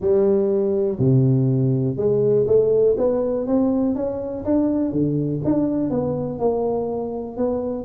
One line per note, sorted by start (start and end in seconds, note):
0.00 0.98 G3
0.98 1.96 C3
1.96 2.46 G#3
2.46 2.96 A3
2.97 3.46 B3
3.46 3.95 C4
3.95 4.44 C#4
4.44 4.92 D4
4.92 5.41 D3
5.44 5.89 D4
5.89 6.39 B3
6.39 7.36 A#3
7.36 7.84 B3